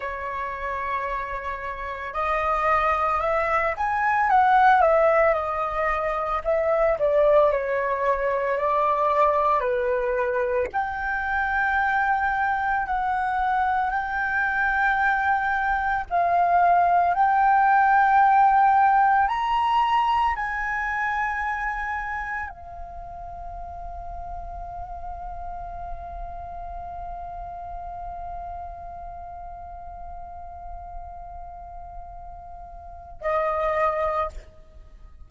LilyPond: \new Staff \with { instrumentName = "flute" } { \time 4/4 \tempo 4 = 56 cis''2 dis''4 e''8 gis''8 | fis''8 e''8 dis''4 e''8 d''8 cis''4 | d''4 b'4 g''2 | fis''4 g''2 f''4 |
g''2 ais''4 gis''4~ | gis''4 f''2.~ | f''1~ | f''2. dis''4 | }